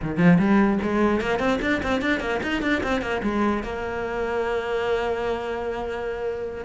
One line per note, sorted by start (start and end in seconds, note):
0.02 0.17 D#3
0.17 0.38 F3
0.38 0.79 G3
0.82 1.20 G#3
1.20 1.39 A#3
1.39 1.59 C4
1.61 1.81 D4
1.82 2.01 C4
2.01 2.20 D4
2.20 2.40 A#3
2.42 2.62 D#4
2.62 2.82 D4
2.83 3.01 C4
3.01 3.21 A#3
3.23 3.63 G#3
3.63 6.64 A#3